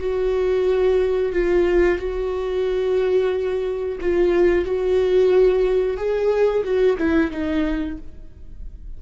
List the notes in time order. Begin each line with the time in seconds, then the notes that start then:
0.00 F#4
1.33 F4
1.99 F#4
4.01 F4
4.65 F#4
5.97 G#4
6.64 F#4
6.98 E4
7.32 D#4